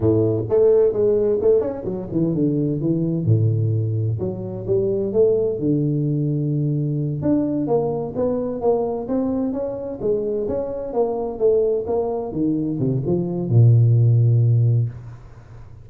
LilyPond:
\new Staff \with { instrumentName = "tuba" } { \time 4/4 \tempo 4 = 129 a,4 a4 gis4 a8 cis'8 | fis8 e8 d4 e4 a,4~ | a,4 fis4 g4 a4 | d2.~ d8 d'8~ |
d'8 ais4 b4 ais4 c'8~ | c'8 cis'4 gis4 cis'4 ais8~ | ais8 a4 ais4 dis4 c8 | f4 ais,2. | }